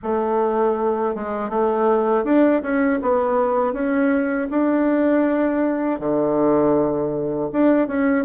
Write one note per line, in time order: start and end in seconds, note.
0.02 1.15 A3
1.15 1.49 G#3
1.49 2.24 A3
2.24 2.61 D4
2.62 2.99 C#4
3.01 3.73 B3
3.73 4.48 C#4
4.50 5.99 D4
5.99 7.49 D3
7.52 7.87 D4
7.87 8.25 C#4